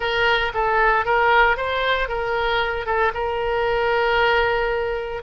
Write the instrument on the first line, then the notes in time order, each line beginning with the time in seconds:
oboe
0.00 A#4
0.54 A4
1.05 A#4
1.56 C5
2.08 A#4
2.86 A4
3.14 A#4